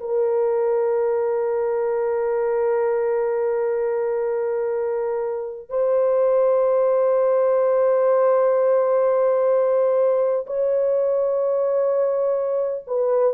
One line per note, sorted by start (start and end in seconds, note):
0.00 5.70 A#4
5.70 10.46 C5
10.47 12.85 C#5
12.87 13.34 B4